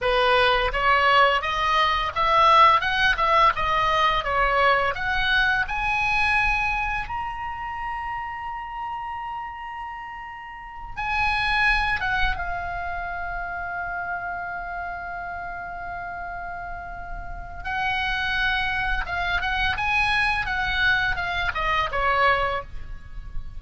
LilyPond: \new Staff \with { instrumentName = "oboe" } { \time 4/4 \tempo 4 = 85 b'4 cis''4 dis''4 e''4 | fis''8 e''8 dis''4 cis''4 fis''4 | gis''2 ais''2~ | ais''2.~ ais''8 gis''8~ |
gis''4 fis''8 f''2~ f''8~ | f''1~ | f''4 fis''2 f''8 fis''8 | gis''4 fis''4 f''8 dis''8 cis''4 | }